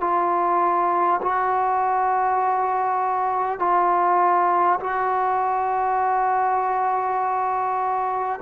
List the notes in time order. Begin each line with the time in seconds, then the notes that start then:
0.00 F4
1.22 F#4
3.59 F4
4.79 F#4